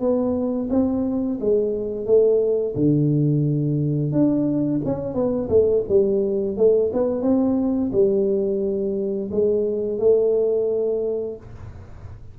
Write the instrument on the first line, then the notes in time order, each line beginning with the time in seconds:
tuba
0.00 B3
0.70 C4
1.40 G#3
2.06 A3
2.76 D3
4.12 D4
4.85 C#4
5.14 B3
5.49 A3
5.89 G3
6.57 A3
6.93 B3
7.22 C4
7.92 G3
9.31 G#3
9.99 A3